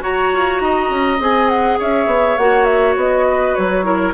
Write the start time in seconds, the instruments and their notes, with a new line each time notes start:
0.00 clarinet F#4, bassoon F#4, oboe C#5, flute A#5
0.33 bassoon F4
0.61 bassoon D#4, oboe D#5
0.90 bassoon C#4
1.19 bassoon C4, clarinet G#4, flute G#5
1.49 flute F#5
1.79 bassoon C#4, oboe C#5, flute E5
2.07 bassoon B3
2.38 bassoon A#3, clarinet F#4, flute F#5
2.64 flute E5
2.96 bassoon B3, flute D#5
3.30 oboe B4
3.55 bassoon F#3, flute C#5
3.83 clarinet E4, oboe A#4